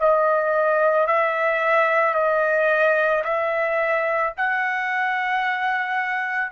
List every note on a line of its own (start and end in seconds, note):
0.00 1.07 D#5
1.07 2.14 E5
2.14 3.23 D#5
3.24 4.33 E5
4.37 6.52 F#5